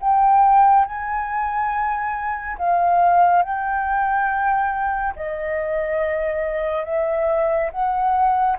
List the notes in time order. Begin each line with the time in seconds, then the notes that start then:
0.00 G5
0.85 G#5
2.58 F5
3.42 G5
5.15 D#5
6.84 E5
7.71 F#5